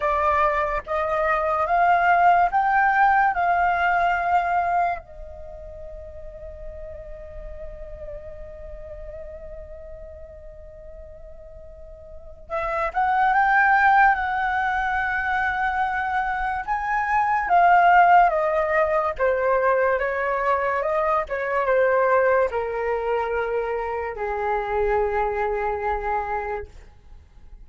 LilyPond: \new Staff \with { instrumentName = "flute" } { \time 4/4 \tempo 4 = 72 d''4 dis''4 f''4 g''4 | f''2 dis''2~ | dis''1~ | dis''2. e''8 fis''8 |
g''4 fis''2. | gis''4 f''4 dis''4 c''4 | cis''4 dis''8 cis''8 c''4 ais'4~ | ais'4 gis'2. | }